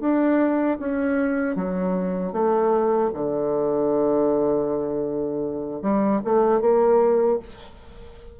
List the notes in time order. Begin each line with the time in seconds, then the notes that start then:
0.00 D4
0.79 C#4
1.55 F#3
2.33 A3
3.13 D3
5.82 G3
6.24 A3
6.61 A#3